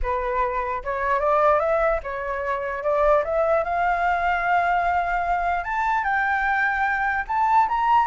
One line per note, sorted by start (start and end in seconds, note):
0.02 0.82 B4
0.84 1.19 C#5
1.19 1.59 D5
1.59 2.00 E5
2.03 2.83 C#5
2.83 3.23 D5
3.24 3.64 E5
3.64 5.64 F5
5.64 6.04 A5
6.04 7.24 G5
7.27 7.67 A5
7.68 8.07 A#5